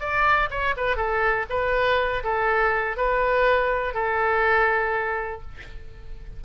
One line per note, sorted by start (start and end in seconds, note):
0.00 0.49 D5
0.51 0.75 C#5
0.77 0.97 B4
0.97 1.46 A4
1.50 2.24 B4
2.24 2.97 A4
2.97 3.94 B4
3.94 5.42 A4